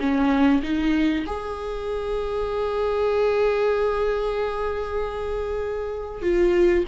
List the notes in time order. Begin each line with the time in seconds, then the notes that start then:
0.00 C#4
0.63 D#4
1.27 G#4
6.22 F4